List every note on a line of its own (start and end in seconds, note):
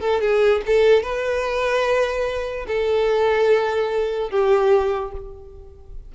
0.00 0.20 A4
0.21 0.61 G#4
0.66 1.02 A4
1.02 2.66 B4
2.67 4.30 A4
4.30 5.12 G4